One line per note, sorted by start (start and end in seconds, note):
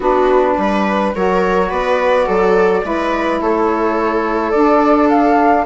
0.00 0.54 B3
0.00 1.14 D4
0.00 0.54 F#4
0.00 1.15 B4
0.57 1.14 G3
0.57 1.13 B4
1.15 1.71 F#3
1.15 2.82 F#4
1.15 1.69 A#4
1.15 1.70 C#5
1.69 2.27 B3
1.69 2.26 B4
1.69 3.40 D5
2.26 2.83 F#3
2.26 2.82 A4
2.82 3.40 G#3
2.82 4.52 E4
2.82 3.41 B4
3.40 4.53 A3
3.40 5.66 A4
3.40 4.51 C#5
4.51 5.66 D4
4.51 5.07 D5
5.09 5.65 F5